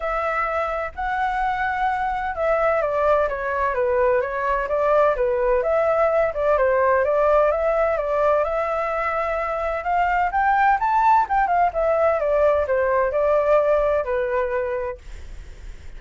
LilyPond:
\new Staff \with { instrumentName = "flute" } { \time 4/4 \tempo 4 = 128 e''2 fis''2~ | fis''4 e''4 d''4 cis''4 | b'4 cis''4 d''4 b'4 | e''4. d''8 c''4 d''4 |
e''4 d''4 e''2~ | e''4 f''4 g''4 a''4 | g''8 f''8 e''4 d''4 c''4 | d''2 b'2 | }